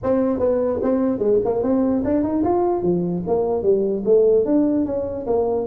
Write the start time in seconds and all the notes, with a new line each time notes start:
0.03 C4
0.39 B3
0.82 C4
1.18 G#3
1.44 A#3
1.62 C4
2.04 D4
2.23 D#4
2.43 F4
2.82 F3
3.27 A#3
3.62 G3
4.05 A3
4.45 D4
4.85 C#4
5.26 A#3